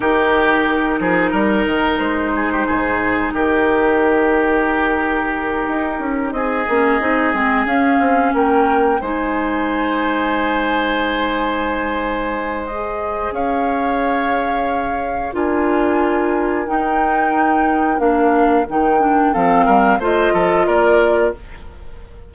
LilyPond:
<<
  \new Staff \with { instrumentName = "flute" } { \time 4/4 \tempo 4 = 90 ais'2. c''4~ | c''4 ais'2.~ | ais'4. dis''2 f''8~ | f''8 g''4 gis''2~ gis''8~ |
gis''2. dis''4 | f''2. gis''4~ | gis''4 g''2 f''4 | g''4 f''4 dis''4 d''4 | }
  \new Staff \with { instrumentName = "oboe" } { \time 4/4 g'4. gis'8 ais'4. gis'16 g'16 | gis'4 g'2.~ | g'4. gis'2~ gis'8~ | gis'8 ais'4 c''2~ c''8~ |
c''1 | cis''2. ais'4~ | ais'1~ | ais'4 a'8 ais'8 c''8 a'8 ais'4 | }
  \new Staff \with { instrumentName = "clarinet" } { \time 4/4 dis'1~ | dis'1~ | dis'2 cis'8 dis'8 c'8 cis'8~ | cis'4. dis'2~ dis'8~ |
dis'2. gis'4~ | gis'2. f'4~ | f'4 dis'2 d'4 | dis'8 d'8 c'4 f'2 | }
  \new Staff \with { instrumentName = "bassoon" } { \time 4/4 dis4. f8 g8 dis8 gis4 | gis,4 dis2.~ | dis8 dis'8 cis'8 c'8 ais8 c'8 gis8 cis'8 | c'8 ais4 gis2~ gis8~ |
gis1 | cis'2. d'4~ | d'4 dis'2 ais4 | dis4 f8 g8 a8 f8 ais4 | }
>>